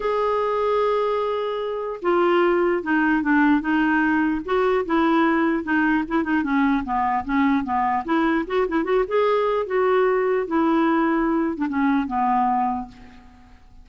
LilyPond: \new Staff \with { instrumentName = "clarinet" } { \time 4/4 \tempo 4 = 149 gis'1~ | gis'4 f'2 dis'4 | d'4 dis'2 fis'4 | e'2 dis'4 e'8 dis'8 |
cis'4 b4 cis'4 b4 | e'4 fis'8 e'8 fis'8 gis'4. | fis'2 e'2~ | e'8. d'16 cis'4 b2 | }